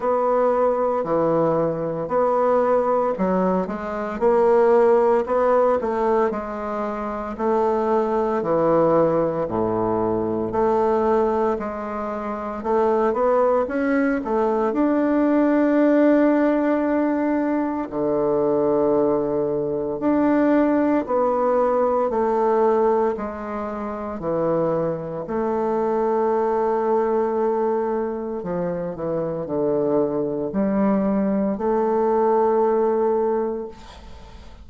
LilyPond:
\new Staff \with { instrumentName = "bassoon" } { \time 4/4 \tempo 4 = 57 b4 e4 b4 fis8 gis8 | ais4 b8 a8 gis4 a4 | e4 a,4 a4 gis4 | a8 b8 cis'8 a8 d'2~ |
d'4 d2 d'4 | b4 a4 gis4 e4 | a2. f8 e8 | d4 g4 a2 | }